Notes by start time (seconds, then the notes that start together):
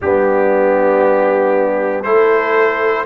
0.01 G3 B3 D4 G4
2.03 A3 E4 A4 C5